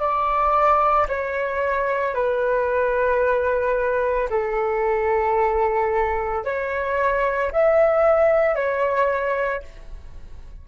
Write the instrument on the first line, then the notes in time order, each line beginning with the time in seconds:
flute
0.00 D5
1.09 C#5
2.15 B4
4.30 A4
6.45 C#5
7.52 E5
8.56 C#5